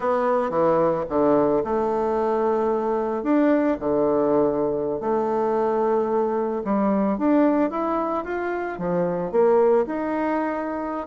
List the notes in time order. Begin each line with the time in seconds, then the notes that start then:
0.00 B3
0.50 E3
1.09 D3
1.64 A3
3.23 D4
3.79 D3
5.00 A3
6.64 G3
7.18 D4
7.70 E4
8.24 F4
8.78 F3
9.31 A#3
9.86 D#4